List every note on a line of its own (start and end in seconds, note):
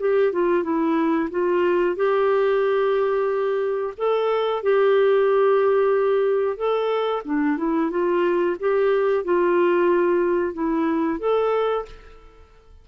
0.00 0.33 G4
0.33 0.64 F4
0.64 1.30 E4
1.31 1.97 F4
1.97 3.94 G4
3.98 4.63 A4
4.63 6.57 G4
6.57 7.23 A4
7.25 7.58 D4
7.58 7.91 E4
7.91 8.57 F4
8.60 9.25 G4
9.25 10.54 F4
10.54 11.20 E4
11.20 11.86 A4